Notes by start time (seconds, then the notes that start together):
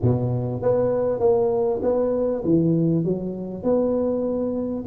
0.02 B2
0.62 B3
1.19 A#3
1.82 B3
2.44 E3
3.04 F#3
3.63 B3